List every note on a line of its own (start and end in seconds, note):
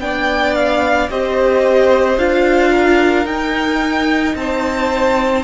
0.00 1.09 B3
0.00 1.10 D4
0.00 1.11 D5
0.00 0.55 G5
0.55 1.09 F5
1.09 2.17 C4
1.09 2.19 G4
1.09 2.71 C5
1.09 2.18 D#5
2.17 3.25 D4
2.17 3.25 F4
2.17 3.26 F5
2.71 4.35 A#4
3.25 5.43 D#4
3.25 4.34 D#4
3.25 4.35 G5
4.35 5.44 C4
4.35 5.44 C5
4.35 5.44 A5